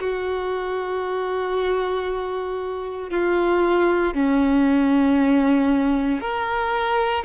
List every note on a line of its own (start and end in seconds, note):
0.00 3.10 F#4
3.11 4.14 F4
4.14 6.21 C#4
6.21 7.25 A#4